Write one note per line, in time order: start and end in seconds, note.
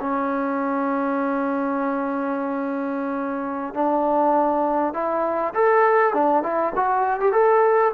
0.00 3.74 C#4
3.74 4.93 D4
4.93 5.53 E4
5.54 6.14 A4
6.14 6.43 D4
6.43 6.73 E4
6.76 7.20 F#4
7.20 7.32 G4
7.32 7.92 A4